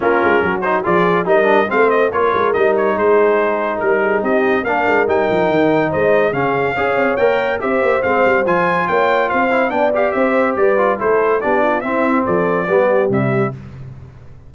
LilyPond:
<<
  \new Staff \with { instrumentName = "trumpet" } { \time 4/4 \tempo 4 = 142 ais'4. c''8 d''4 dis''4 | f''8 dis''8 cis''4 dis''8 cis''8 c''4~ | c''4 ais'4 dis''4 f''4 | g''2 dis''4 f''4~ |
f''4 g''4 e''4 f''4 | gis''4 g''4 f''4 g''8 f''8 | e''4 d''4 c''4 d''4 | e''4 d''2 e''4 | }
  \new Staff \with { instrumentName = "horn" } { \time 4/4 f'4 fis'4 gis'4 ais'4 | c''4 ais'2 gis'4~ | gis'4 ais'8 gis'8 g'4 ais'4~ | ais'2 c''4 gis'4 |
cis''2 c''2~ | c''4 cis''4 c''4 d''4 | c''4 b'4 a'4 g'8 f'8 | e'4 a'4 g'2 | }
  \new Staff \with { instrumentName = "trombone" } { \time 4/4 cis'4. dis'8 f'4 dis'8 d'8 | c'4 f'4 dis'2~ | dis'2. d'4 | dis'2. cis'4 |
gis'4 ais'4 g'4 c'4 | f'2~ f'8 e'8 d'8 g'8~ | g'4. f'8 e'4 d'4 | c'2 b4 g4 | }
  \new Staff \with { instrumentName = "tuba" } { \time 4/4 ais8 gis8 fis4 f4 g4 | a4 ais8 gis8 g4 gis4~ | gis4 g4 c'4 ais8 gis8 | g8 f8 dis4 gis4 cis4 |
cis'8 c'8 ais4 c'8 ais8 gis8 g8 | f4 ais4 c'4 b4 | c'4 g4 a4 b4 | c'4 f4 g4 c4 | }
>>